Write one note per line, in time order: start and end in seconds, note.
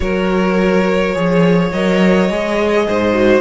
0.00 1.15 F#3
0.00 1.12 F#4
0.00 1.15 A#4
0.00 1.71 C#5
1.14 1.72 F3
1.14 1.71 G#4
1.14 2.86 C#5
1.72 2.29 F#3
1.72 2.29 A#4
1.72 3.40 D#5
2.29 2.87 G#3
2.29 3.13 G#4
2.87 3.40 G#2
2.87 3.40 C5
3.13 3.40 F#4